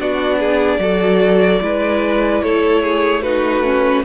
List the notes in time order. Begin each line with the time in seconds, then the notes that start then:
0.00 B3 D4 F#4 D5
0.40 G#4
0.79 F#3 F#4 A4
1.62 G#3 E4 B4
2.43 A3 A4 C#5
2.83 G#4
3.22 D#4 F#4 B4
3.64 C#4